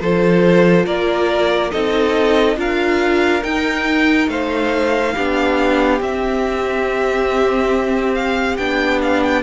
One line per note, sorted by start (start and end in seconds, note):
0.00 0.86 F3
0.00 1.72 F4
0.00 0.87 A4
0.00 0.86 C5
0.86 1.72 A#3
0.86 1.72 A#4
0.86 1.72 D5
1.72 2.57 C4
1.72 2.57 D#4
1.72 2.58 A4
1.72 2.57 D#5
2.57 3.43 D4
2.57 3.43 F4
2.57 4.31 A#4
2.57 3.43 F5
3.43 5.15 D#4
3.43 4.28 D#4
3.43 4.29 G5
4.28 5.14 A3
4.28 5.15 C5
4.28 6.01 F5
5.15 6.01 B3
5.15 6.00 D4
5.15 9.43 G4
6.00 8.57 C4
6.00 8.58 C4
6.00 8.15 E5
8.15 8.57 F5
8.57 9.43 B3
8.57 9.43 D4
8.57 9.00 G5
9.03 9.23 F5
9.23 9.43 G5